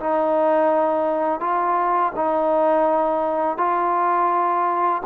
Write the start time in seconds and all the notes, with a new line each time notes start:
0.00 D#4
1.41 F4
2.16 D#4
3.58 F4